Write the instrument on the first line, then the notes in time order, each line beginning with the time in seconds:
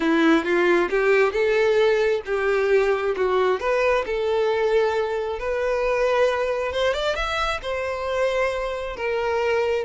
violin
0.00 E4
0.44 F4
0.90 G4
1.32 A4
2.25 G4
3.16 F#4
3.60 B4
4.05 A4
5.39 B4
6.72 C5
6.93 D5
7.15 E5
7.62 C5
8.96 A#4